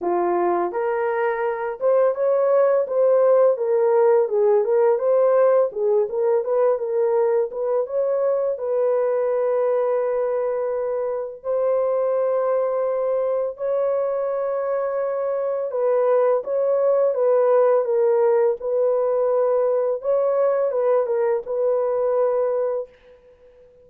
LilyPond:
\new Staff \with { instrumentName = "horn" } { \time 4/4 \tempo 4 = 84 f'4 ais'4. c''8 cis''4 | c''4 ais'4 gis'8 ais'8 c''4 | gis'8 ais'8 b'8 ais'4 b'8 cis''4 | b'1 |
c''2. cis''4~ | cis''2 b'4 cis''4 | b'4 ais'4 b'2 | cis''4 b'8 ais'8 b'2 | }